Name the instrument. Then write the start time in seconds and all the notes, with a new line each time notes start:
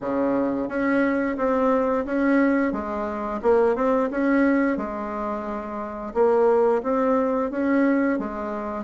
bassoon
0.00 C#3
0.68 C#4
1.37 C4
2.05 C#4
2.72 G#3
3.42 A#3
3.75 C4
4.10 C#4
4.77 G#3
6.14 A#3
6.82 C4
7.50 C#4
8.18 G#3